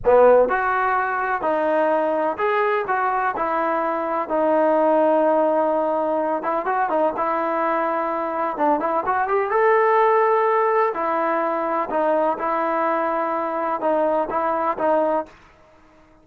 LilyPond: \new Staff \with { instrumentName = "trombone" } { \time 4/4 \tempo 4 = 126 b4 fis'2 dis'4~ | dis'4 gis'4 fis'4 e'4~ | e'4 dis'2.~ | dis'4. e'8 fis'8 dis'8 e'4~ |
e'2 d'8 e'8 fis'8 g'8 | a'2. e'4~ | e'4 dis'4 e'2~ | e'4 dis'4 e'4 dis'4 | }